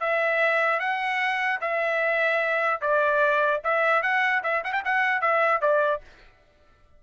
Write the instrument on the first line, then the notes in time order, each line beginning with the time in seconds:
trumpet
0.00 E5
0.79 F#5
1.61 E5
2.81 D5
3.64 E5
4.02 F#5
4.43 E5
4.64 F#5
4.73 G5
4.85 F#5
5.21 E5
5.61 D5